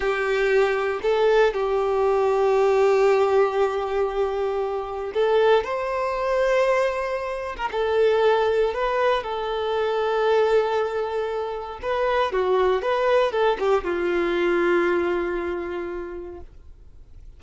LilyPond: \new Staff \with { instrumentName = "violin" } { \time 4/4 \tempo 4 = 117 g'2 a'4 g'4~ | g'1~ | g'2 a'4 c''4~ | c''2~ c''8. ais'16 a'4~ |
a'4 b'4 a'2~ | a'2. b'4 | fis'4 b'4 a'8 g'8 f'4~ | f'1 | }